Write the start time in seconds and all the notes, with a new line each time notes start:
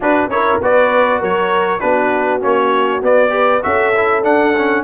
0.00 D4 F#4 B4
0.27 C#4 E4 A#4 C#5
0.61 B3 F#4 B4 D5
1.19 F#3 A#4 C#5
1.80 B3 D4 F#4 B4
2.41 A#3 C#4 C#5
3.02 B3 D5
3.29 G4 B4
3.62 C#4 F#4 A4 E5
3.96 E4
4.22 D4 F#5
4.57 C#4